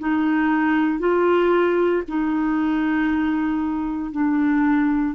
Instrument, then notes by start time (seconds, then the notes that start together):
clarinet
0.00 D#4
1.00 F4
2.08 D#4
4.12 D4